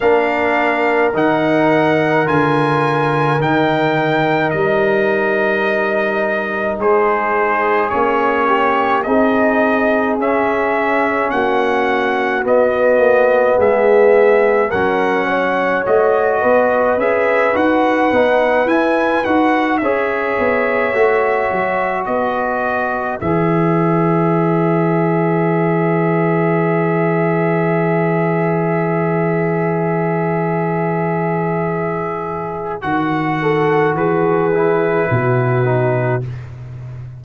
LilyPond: <<
  \new Staff \with { instrumentName = "trumpet" } { \time 4/4 \tempo 4 = 53 f''4 fis''4 gis''4 g''4 | dis''2 c''4 cis''4 | dis''4 e''4 fis''4 dis''4 | e''4 fis''4 dis''4 e''8 fis''8~ |
fis''8 gis''8 fis''8 e''2 dis''8~ | dis''8 e''2.~ e''8~ | e''1~ | e''4 fis''4 b'2 | }
  \new Staff \with { instrumentName = "horn" } { \time 4/4 ais'1~ | ais'2 gis'4. g'8 | gis'2 fis'2 | gis'4 ais'8 cis''4 b'4.~ |
b'4. cis''2 b'8~ | b'1~ | b'1~ | b'4. a'8 gis'4 fis'4 | }
  \new Staff \with { instrumentName = "trombone" } { \time 4/4 d'4 dis'4 f'4 dis'4~ | dis'2. cis'4 | dis'4 cis'2 b4~ | b4 cis'4 fis'4 gis'8 fis'8 |
dis'8 e'8 fis'8 gis'4 fis'4.~ | fis'8 gis'2.~ gis'8~ | gis'1~ | gis'4 fis'4. e'4 dis'8 | }
  \new Staff \with { instrumentName = "tuba" } { \time 4/4 ais4 dis4 d4 dis4 | g2 gis4 ais4 | c'4 cis'4 ais4 b8 ais8 | gis4 fis4 a8 b8 cis'8 dis'8 |
b8 e'8 dis'8 cis'8 b8 a8 fis8 b8~ | b8 e2.~ e8~ | e1~ | e4 dis4 e4 b,4 | }
>>